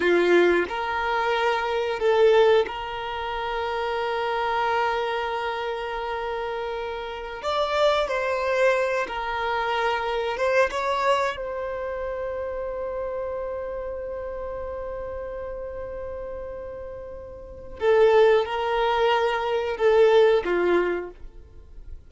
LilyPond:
\new Staff \with { instrumentName = "violin" } { \time 4/4 \tempo 4 = 91 f'4 ais'2 a'4 | ais'1~ | ais'2.~ ais'16 d''8.~ | d''16 c''4. ais'2 c''16~ |
c''16 cis''4 c''2~ c''8.~ | c''1~ | c''2. a'4 | ais'2 a'4 f'4 | }